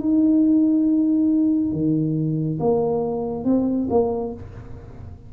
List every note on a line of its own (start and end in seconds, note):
0.00 1.72 D#4
1.72 2.59 D#3
2.60 3.45 A#3
3.45 3.88 C4
3.90 4.34 A#3